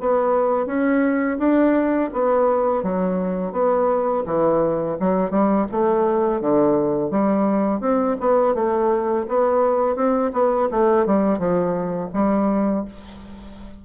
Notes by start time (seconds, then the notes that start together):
0.00 B3
0.66 C#4
1.38 D4
2.13 B3
2.83 F#3
3.52 B3
4.26 E3
4.99 F#3
5.30 G3
5.71 A3
6.41 D3
7.10 G3
7.81 C4
8.20 B3
8.54 A3
9.28 B3
9.95 C4
10.33 B3
10.71 A3
11.06 G3
11.38 F3
12.13 G3